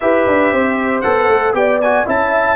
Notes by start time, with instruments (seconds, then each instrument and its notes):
0.00 tuba E4, trombone G4, horn B4, trumpet E5
0.26 tuba D4
0.51 tuba C4, horn C5
1.01 tuba B3, trombone A4, trumpet F#5
1.28 tuba A3
1.53 tuba B3, trombone G4, horn D5, trumpet G5
1.81 trombone F#4, trumpet G#5
2.05 tuba C#4, trombone E4, horn E5, trumpet A5